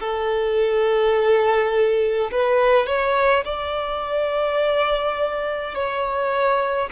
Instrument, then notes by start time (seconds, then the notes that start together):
violin
0.00 A4
2.32 B4
2.87 C#5
3.45 D5
5.75 C#5